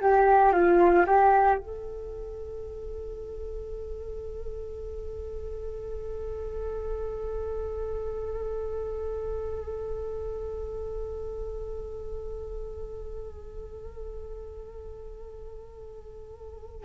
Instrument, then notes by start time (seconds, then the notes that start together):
flute
0.00 G4
0.53 F4
1.06 G4
1.58 A4